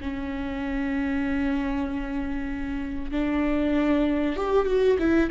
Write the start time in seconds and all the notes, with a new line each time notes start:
0.00 C#4
3.11 D4
4.36 G4
4.66 F#4
4.99 E4